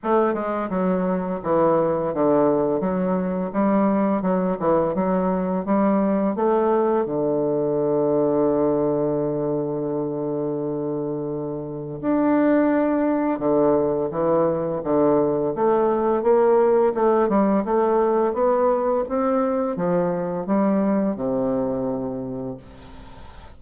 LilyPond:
\new Staff \with { instrumentName = "bassoon" } { \time 4/4 \tempo 4 = 85 a8 gis8 fis4 e4 d4 | fis4 g4 fis8 e8 fis4 | g4 a4 d2~ | d1~ |
d4 d'2 d4 | e4 d4 a4 ais4 | a8 g8 a4 b4 c'4 | f4 g4 c2 | }